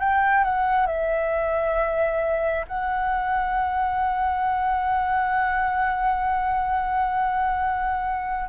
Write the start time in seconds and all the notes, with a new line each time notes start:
0.00 G5
0.44 F#5
0.87 E5
2.68 F#5